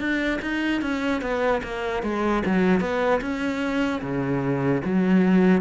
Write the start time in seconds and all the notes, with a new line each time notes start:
0.00 D4
0.42 D#4
0.82 C#4
1.22 B3
1.64 A#3
2.03 G#3
2.46 F#3
2.81 B3
3.22 C#4
4.02 C#3
4.85 F#3